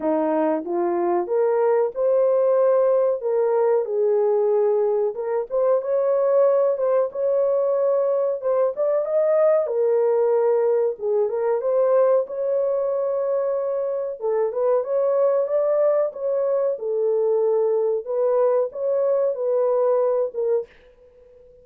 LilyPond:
\new Staff \with { instrumentName = "horn" } { \time 4/4 \tempo 4 = 93 dis'4 f'4 ais'4 c''4~ | c''4 ais'4 gis'2 | ais'8 c''8 cis''4. c''8 cis''4~ | cis''4 c''8 d''8 dis''4 ais'4~ |
ais'4 gis'8 ais'8 c''4 cis''4~ | cis''2 a'8 b'8 cis''4 | d''4 cis''4 a'2 | b'4 cis''4 b'4. ais'8 | }